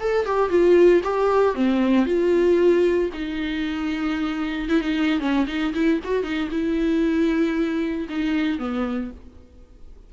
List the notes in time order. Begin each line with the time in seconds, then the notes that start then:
0.00 A4
0.26 G4
0.50 F4
1.04 G4
1.55 C4
2.06 F4
3.13 D#4
4.69 E4
4.81 D#4
5.20 C#4
5.47 D#4
5.74 E4
6.04 F#4
6.23 D#4
6.51 E4
8.09 D#4
8.59 B3